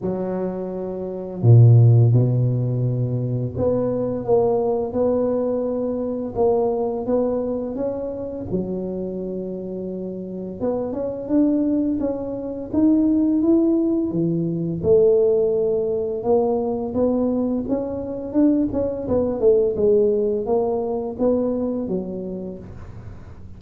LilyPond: \new Staff \with { instrumentName = "tuba" } { \time 4/4 \tempo 4 = 85 fis2 ais,4 b,4~ | b,4 b4 ais4 b4~ | b4 ais4 b4 cis'4 | fis2. b8 cis'8 |
d'4 cis'4 dis'4 e'4 | e4 a2 ais4 | b4 cis'4 d'8 cis'8 b8 a8 | gis4 ais4 b4 fis4 | }